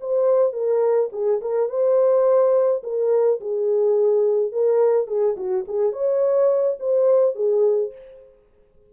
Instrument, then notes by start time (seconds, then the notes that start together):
horn
0.00 C5
0.52 A#4
1.12 G#4
1.41 A#4
1.69 C5
2.83 A#4
3.40 G#4
4.52 A#4
5.07 G#4
5.37 F#4
5.68 G#4
5.92 C#5
6.79 C5
7.35 G#4